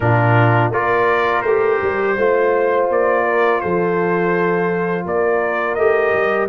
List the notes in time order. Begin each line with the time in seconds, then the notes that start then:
0.00 A#2 D4 F4 A#4
0.70 A#3 F4 A#4 D5
1.41 A3 G4 C5
1.82 G3
2.16 A3 F4 C5
2.90 A#3 D5
3.24 A#4
3.60 F3 A4 C5
5.05 A#3 A#4 D5
5.74 A3 G4 D#5
6.13 G3